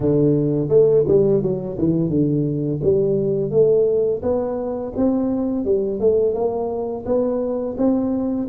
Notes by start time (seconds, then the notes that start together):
0.00 D3
0.69 A3
1.07 G3
1.42 F#3
1.78 E3
2.09 D3
2.83 G3
3.51 A3
4.22 B3
4.96 C4
5.65 G3
6.00 A3
6.34 A#3
7.05 B3
7.77 C4